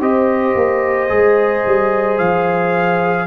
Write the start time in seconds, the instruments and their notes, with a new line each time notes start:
0.00 tuba C4, trombone G4, horn C5, trumpet D#5
0.55 tuba A#3
1.09 tuba G#3, trombone G#4
1.66 tuba G3
2.18 tuba F3, trumpet F5